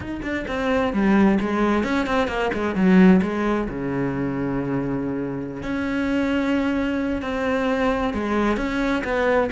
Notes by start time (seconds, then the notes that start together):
0.00 D#4
0.22 D4
0.47 C4
0.93 G3
1.40 G#3
1.83 C#4
2.06 C4
2.27 A#3
2.53 G#3
2.75 F#3
3.22 G#3
3.68 C#3
5.62 C#4
7.22 C4
8.13 G#3
8.56 C#4
9.04 B3